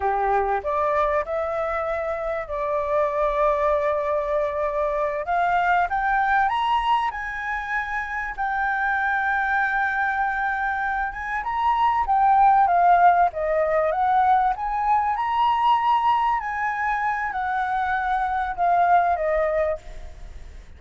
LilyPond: \new Staff \with { instrumentName = "flute" } { \time 4/4 \tempo 4 = 97 g'4 d''4 e''2 | d''1~ | d''8 f''4 g''4 ais''4 gis''8~ | gis''4. g''2~ g''8~ |
g''2 gis''8 ais''4 g''8~ | g''8 f''4 dis''4 fis''4 gis''8~ | gis''8 ais''2 gis''4. | fis''2 f''4 dis''4 | }